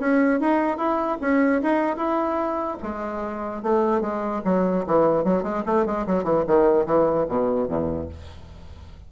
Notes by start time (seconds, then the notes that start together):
0.00 C#4
0.40 D#4
0.77 E4
1.21 C#4
1.62 D#4
1.97 E4
2.83 G#3
3.63 A3
4.01 G#3
4.45 F#3
4.87 E3
5.24 F#3
5.43 G#3
5.66 A3
5.86 G#3
6.06 F#3
6.24 E3
6.47 D#3
6.86 E3
7.29 B2
7.68 E2